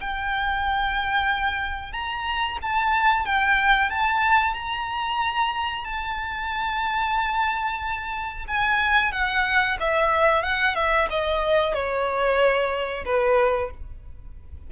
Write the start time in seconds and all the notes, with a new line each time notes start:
0.00 G5
1.92 A#5
2.62 A5
3.25 G5
3.90 A5
4.54 A#5
5.84 A5
8.47 G#5
9.12 F#5
9.79 E5
10.42 F#5
10.75 E5
11.10 D#5
11.74 C#5
13.05 B4